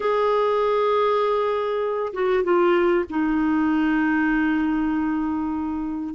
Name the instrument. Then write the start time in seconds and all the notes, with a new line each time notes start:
clarinet
0.00 G#4
2.13 F#4
2.43 F4
3.09 D#4